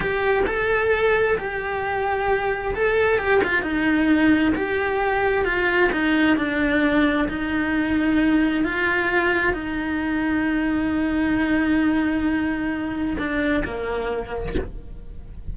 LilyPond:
\new Staff \with { instrumentName = "cello" } { \time 4/4 \tempo 4 = 132 g'4 a'2 g'4~ | g'2 a'4 g'8 f'8 | dis'2 g'2 | f'4 dis'4 d'2 |
dis'2. f'4~ | f'4 dis'2.~ | dis'1~ | dis'4 d'4 ais2 | }